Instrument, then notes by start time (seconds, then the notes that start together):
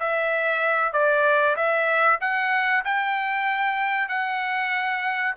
trumpet
0.00 E5
0.93 D5
1.56 E5
2.21 F#5
2.85 G5
4.09 F#5